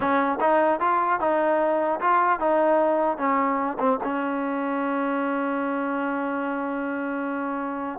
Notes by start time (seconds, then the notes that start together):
0.00 C#4
0.40 D#4
0.80 F4
1.19 D#4
2.00 F4
2.39 D#4
3.17 C#4
3.79 C4
4.03 C#4